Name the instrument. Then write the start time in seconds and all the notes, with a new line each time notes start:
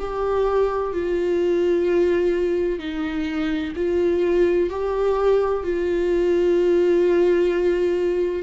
viola
0.00 G4
0.94 F4
2.80 D#4
3.76 F4
4.70 G4
5.64 F4